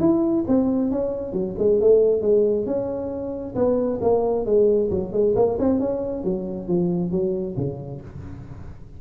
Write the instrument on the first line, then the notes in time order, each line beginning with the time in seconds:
tuba
0.00 E4
0.48 C4
0.92 C#4
1.33 F#3
1.59 G#3
1.81 A3
2.22 G#3
2.66 C#4
3.55 B3
4.02 A#3
4.46 G#3
4.91 F#3
5.13 G#3
5.36 A#3
5.59 C4
5.80 C#4
6.24 F#3
6.68 F3
7.11 F#3
7.57 C#3